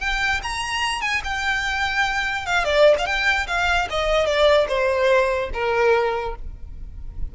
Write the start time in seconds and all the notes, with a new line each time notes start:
0.00 G5
0.43 A#5
1.01 G#5
1.24 G5
2.46 F5
2.65 D5
2.99 F5
3.06 G5
3.47 F5
3.90 D#5
4.26 D5
4.68 C5
5.54 A#4